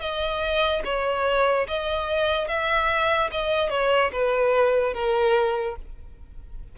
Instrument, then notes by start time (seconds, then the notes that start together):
violin
0.00 D#5
0.85 C#5
1.68 D#5
2.48 E5
3.31 D#5
3.70 C#5
4.12 B4
4.94 A#4